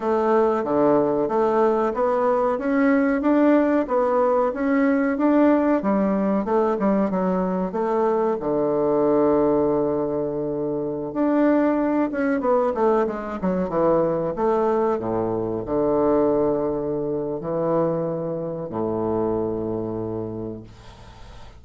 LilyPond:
\new Staff \with { instrumentName = "bassoon" } { \time 4/4 \tempo 4 = 93 a4 d4 a4 b4 | cis'4 d'4 b4 cis'4 | d'4 g4 a8 g8 fis4 | a4 d2.~ |
d4~ d16 d'4. cis'8 b8 a16~ | a16 gis8 fis8 e4 a4 a,8.~ | a,16 d2~ d8. e4~ | e4 a,2. | }